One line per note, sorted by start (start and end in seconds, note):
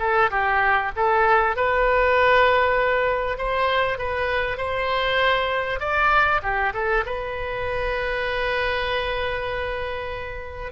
0.00 0.31 A4
0.31 0.92 G4
0.97 1.57 A4
1.57 3.38 B4
3.38 3.99 C5
3.99 4.58 B4
4.58 5.80 C5
5.80 6.41 D5
6.43 6.73 G4
6.74 7.05 A4
7.07 10.73 B4